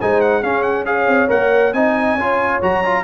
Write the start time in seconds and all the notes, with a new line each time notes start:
0.00 G#3 D#4 C5 G#5
0.21 F#5
0.43 C#4 G#4 F5
0.63 F#5
0.86 G#4 C#5 F5
1.08 C4
1.28 A#3 A#4 F#5
1.74 C4 D#4 D#5 G#5
2.15 C#4 F4 C#5
2.62 F#3 F#4 A#5
2.85 F4